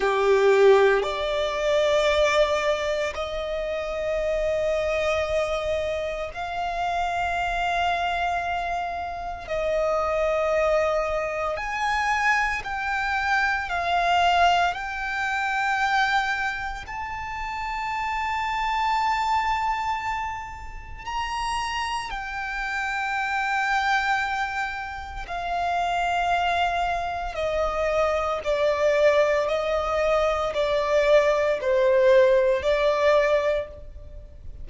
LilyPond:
\new Staff \with { instrumentName = "violin" } { \time 4/4 \tempo 4 = 57 g'4 d''2 dis''4~ | dis''2 f''2~ | f''4 dis''2 gis''4 | g''4 f''4 g''2 |
a''1 | ais''4 g''2. | f''2 dis''4 d''4 | dis''4 d''4 c''4 d''4 | }